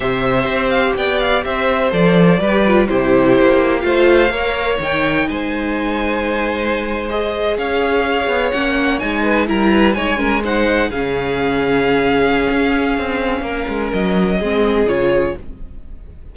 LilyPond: <<
  \new Staff \with { instrumentName = "violin" } { \time 4/4 \tempo 4 = 125 e''4. f''8 g''8 f''8 e''4 | d''2 c''2 | f''2 g''4 gis''4~ | gis''2~ gis''8. dis''4 f''16~ |
f''4.~ f''16 fis''4 gis''4 ais''16~ | ais''8. gis''4 fis''4 f''4~ f''16~ | f''1~ | f''4 dis''2 cis''4 | }
  \new Staff \with { instrumentName = "violin" } { \time 4/4 c''2 d''4 c''4~ | c''4 b'4 g'2 | c''4 cis''2 c''4~ | c''2.~ c''8. cis''16~ |
cis''2.~ cis''16 b'8 ais'16~ | ais'16 b'8 cis''8 ais'8 c''4 gis'4~ gis'16~ | gis'1 | ais'2 gis'2 | }
  \new Staff \with { instrumentName = "viola" } { \time 4/4 g'1 | a'4 g'8 f'8 e'2 | f'4 ais'4 dis'2~ | dis'2~ dis'8. gis'4~ gis'16~ |
gis'4.~ gis'16 cis'4 dis'4 e'16~ | e'8. dis'8 cis'8 dis'4 cis'4~ cis'16~ | cis'1~ | cis'2 c'4 f'4 | }
  \new Staff \with { instrumentName = "cello" } { \time 4/4 c4 c'4 b4 c'4 | f4 g4 c4 ais4 | a4 ais4 dis4 gis4~ | gis2.~ gis8. cis'16~ |
cis'4~ cis'16 b8 ais4 gis4 g16~ | g8. gis2 cis4~ cis16~ | cis2 cis'4 c'4 | ais8 gis8 fis4 gis4 cis4 | }
>>